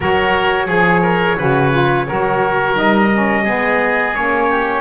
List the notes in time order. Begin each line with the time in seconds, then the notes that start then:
0.00 F#3 F#4 A#4 C#5
0.66 F3 G#4
1.02 A#4
1.37 C#3 F#4 B4
1.71 F4
2.07 F#3 F#4 A#4
2.74 G3 D#4 D#5
3.12 C#4
3.43 G#3 B3 G#4
4.13 A#3 C#4 C#5
4.50 G4